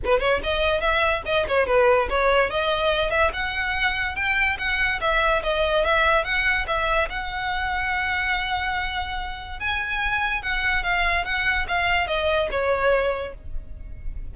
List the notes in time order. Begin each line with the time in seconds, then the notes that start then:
0.04 B4
0.20 C#5
0.43 D#5
0.80 E5
1.25 D#5
1.48 C#5
1.66 B4
2.09 C#5
2.50 D#5
3.10 E5
3.33 F#5
4.15 G5
4.58 F#5
5.01 E5
5.43 D#5
5.84 E5
6.24 F#5
6.67 E5
7.09 F#5
9.59 G#5
10.42 F#5
10.83 F5
11.24 F#5
11.68 F5
12.07 D#5
12.50 C#5